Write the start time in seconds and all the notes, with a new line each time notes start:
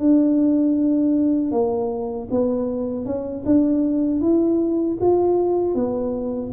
0.00 D4
1.52 A#3
2.31 B3
3.06 C#4
3.46 D4
4.21 E4
5.01 F4
5.75 B3